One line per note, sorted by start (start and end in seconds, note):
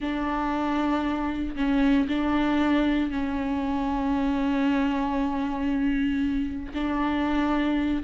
0.00 1.55 D4
1.56 2.07 C#4
2.08 3.10 D4
3.10 6.72 C#4
6.74 8.03 D4